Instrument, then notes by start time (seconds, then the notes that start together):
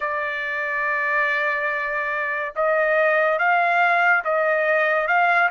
trumpet
0.00 D5
2.55 D#5
3.38 F5
4.24 D#5
5.07 F5